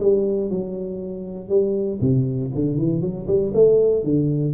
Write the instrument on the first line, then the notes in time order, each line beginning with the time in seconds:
tuba
0.00 G3
0.50 F#3
1.49 G3
2.01 C3
2.55 D3
2.78 E3
3.01 F#3
3.28 G3
3.55 A3
4.04 D3